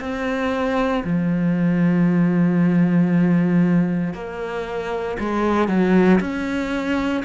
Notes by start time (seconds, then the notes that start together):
0.00 C4
1.04 F3
4.14 A#3
5.19 G#3
5.68 F#3
6.20 C#4